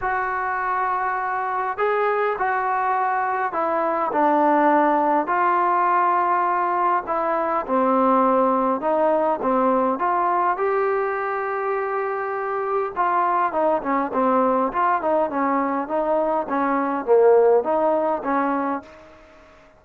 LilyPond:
\new Staff \with { instrumentName = "trombone" } { \time 4/4 \tempo 4 = 102 fis'2. gis'4 | fis'2 e'4 d'4~ | d'4 f'2. | e'4 c'2 dis'4 |
c'4 f'4 g'2~ | g'2 f'4 dis'8 cis'8 | c'4 f'8 dis'8 cis'4 dis'4 | cis'4 ais4 dis'4 cis'4 | }